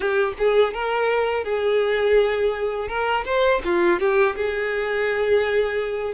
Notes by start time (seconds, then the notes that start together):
0.00 G4
0.38 G#4
0.73 A#4
1.44 G#4
2.88 A#4
3.25 C5
3.64 F4
3.99 G4
4.36 G#4